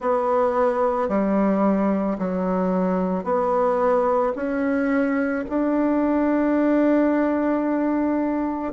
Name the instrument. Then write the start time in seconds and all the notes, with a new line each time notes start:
bassoon
0.00 B3
1.08 G3
2.18 F#3
3.23 B3
4.35 C#4
5.48 D4